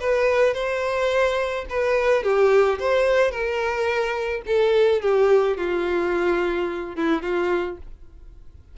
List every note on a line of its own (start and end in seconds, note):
0.00 0.54 B4
0.54 1.65 C5
1.70 2.23 B4
2.23 2.79 G4
2.80 3.31 C5
3.31 4.42 A#4
4.46 5.02 A4
5.02 5.57 G4
5.57 6.95 F4
6.95 7.22 E4
7.22 7.78 F4